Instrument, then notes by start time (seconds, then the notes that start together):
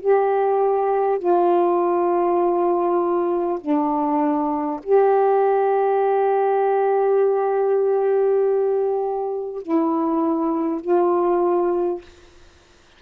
saxophone
0.00 G4
1.18 F4
3.60 D4
4.82 G4
9.62 E4
10.81 F4